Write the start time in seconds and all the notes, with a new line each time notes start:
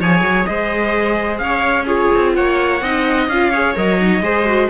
0.00 F3 G#4 C#5 G#5
0.21 F#3
0.46 G#3 C5 D#5
1.39 C#4 C#5 F5
1.86 F4 G#4 C#5
2.15 C4
2.35 A#3 C#5 F#5
2.81 C4 D#4 D#5
3.28 C#4 F4 F5
3.51 G#4 C#5
3.76 F#3 A#4 D#5
4.00 D#4
4.21 G#3 G#4 C5
4.46 F#4